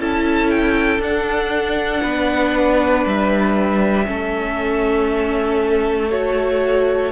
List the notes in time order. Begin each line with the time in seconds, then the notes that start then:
0.00 C#4 E4 A4 A5
0.50 G5
0.99 D4 F#5
2.02 B3 B4
3.06 G3 E5
4.06 A3 C#4 A4
6.11 F#4 C#5